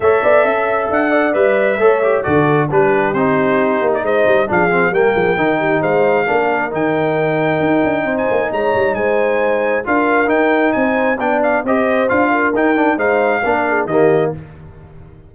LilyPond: <<
  \new Staff \with { instrumentName = "trumpet" } { \time 4/4 \tempo 4 = 134 e''2 fis''4 e''4~ | e''4 d''4 b'4 c''4~ | c''8. d''16 dis''4 f''4 g''4~ | g''4 f''2 g''4~ |
g''2~ g''16 gis''8. ais''4 | gis''2 f''4 g''4 | gis''4 g''8 f''8 dis''4 f''4 | g''4 f''2 dis''4 | }
  \new Staff \with { instrumentName = "horn" } { \time 4/4 cis''8 d''8 e''4. d''4. | cis''4 a'4 g'2~ | g'4 c''4 gis'4 ais'8 gis'8 | ais'8 g'8 c''4 ais'2~ |
ais'2 c''4 cis''4 | c''2 ais'2 | c''4 d''4 c''4. ais'8~ | ais'4 c''4 ais'8 gis'8 g'4 | }
  \new Staff \with { instrumentName = "trombone" } { \time 4/4 a'2. b'4 | a'8 g'8 fis'4 d'4 dis'4~ | dis'2 d'8 c'8 ais4 | dis'2 d'4 dis'4~ |
dis'1~ | dis'2 f'4 dis'4~ | dis'4 d'4 g'4 f'4 | dis'8 d'8 dis'4 d'4 ais4 | }
  \new Staff \with { instrumentName = "tuba" } { \time 4/4 a8 b8 cis'4 d'4 g4 | a4 d4 g4 c'4~ | c'8 ais8 gis8 g8 f4 g8 f8 | dis4 gis4 ais4 dis4~ |
dis4 dis'8 d'8 c'8 ais8 gis8 g8 | gis2 d'4 dis'4 | c'4 b4 c'4 d'4 | dis'4 gis4 ais4 dis4 | }
>>